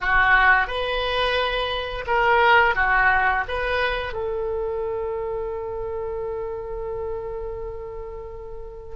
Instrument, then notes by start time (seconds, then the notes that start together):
oboe
0.00 F#4
0.67 B4
2.06 A#4
2.75 F#4
3.47 B4
4.13 A4